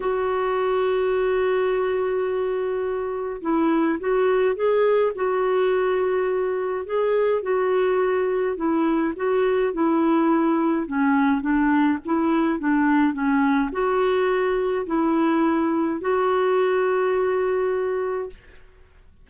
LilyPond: \new Staff \with { instrumentName = "clarinet" } { \time 4/4 \tempo 4 = 105 fis'1~ | fis'2 e'4 fis'4 | gis'4 fis'2. | gis'4 fis'2 e'4 |
fis'4 e'2 cis'4 | d'4 e'4 d'4 cis'4 | fis'2 e'2 | fis'1 | }